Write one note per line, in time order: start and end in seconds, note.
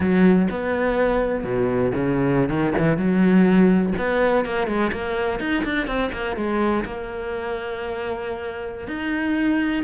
0.00 0.48 F#3
0.50 1.44 B3
1.44 1.92 B2
1.94 2.49 C#3
2.49 2.73 D#3
2.78 2.97 E3
2.97 3.93 F#3
3.98 4.45 B3
4.45 4.67 A#3
4.67 4.91 G#3
4.92 5.39 A#3
5.39 5.63 D#4
5.64 5.87 D4
5.87 6.11 C4
6.12 6.36 A#3
6.36 6.84 G#3
6.84 8.87 A#3
8.87 9.83 D#4